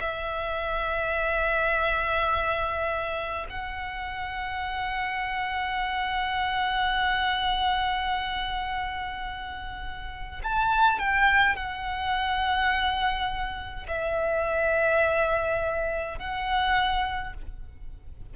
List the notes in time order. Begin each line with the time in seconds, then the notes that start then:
0.00 E5
3.49 F#5
10.43 A5
10.99 G5
11.55 F#5
13.87 E5
16.18 F#5